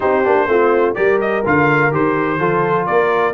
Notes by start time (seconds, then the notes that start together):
0.00 C4 D#4 G4 C5
0.24 A#3 D4
0.46 A3 C4 F4
0.94 G3 G4 A#4 D5
1.20 D#5
1.45 D3 F4 F5
1.91 D#3 G4 C5
2.39 F3 F4 A4
2.86 A#3 A#4 D5